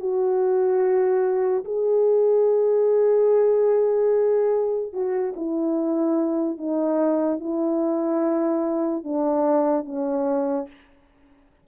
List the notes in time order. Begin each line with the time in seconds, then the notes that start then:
0.00 F#4
1.65 G#4
4.93 F#4
5.36 E4
6.58 D#4
7.40 E4
9.04 D4
9.86 C#4